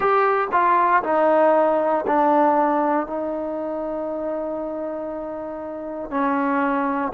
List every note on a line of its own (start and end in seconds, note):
0.00 0.48 G4
0.52 1.03 F4
1.03 2.05 D#4
2.06 3.06 D4
3.06 6.10 D#4
6.10 7.12 C#4